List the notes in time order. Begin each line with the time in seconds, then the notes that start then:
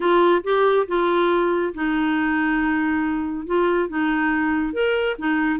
0.00 F4
0.43 G4
0.87 F4
1.74 D#4
3.46 F4
3.88 D#4
4.73 A#4
5.18 D#4